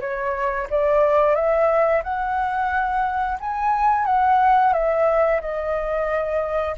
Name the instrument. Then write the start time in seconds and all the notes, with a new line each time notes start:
flute
0.00 C#5
0.70 D5
1.35 E5
2.03 F#5
3.40 G#5
4.06 F#5
4.73 E5
5.41 D#5